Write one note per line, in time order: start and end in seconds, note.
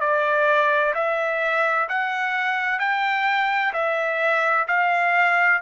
0.00 0.94 D5
0.95 1.88 E5
1.89 2.79 F#5
2.79 3.73 G5
3.73 4.67 E5
4.68 5.62 F5